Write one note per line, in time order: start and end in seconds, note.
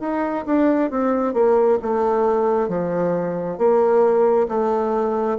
0.00 0.45 D#4
0.46 0.90 D4
0.90 1.34 C4
1.34 1.79 A#3
1.82 2.68 A3
2.68 3.58 F3
3.58 4.47 A#3
4.48 5.38 A3